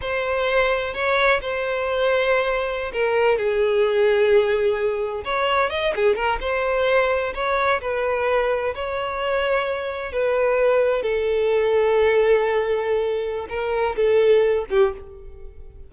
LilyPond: \new Staff \with { instrumentName = "violin" } { \time 4/4 \tempo 4 = 129 c''2 cis''4 c''4~ | c''2~ c''16 ais'4 gis'8.~ | gis'2.~ gis'16 cis''8.~ | cis''16 dis''8 gis'8 ais'8 c''2 cis''16~ |
cis''8. b'2 cis''4~ cis''16~ | cis''4.~ cis''16 b'2 a'16~ | a'1~ | a'4 ais'4 a'4. g'8 | }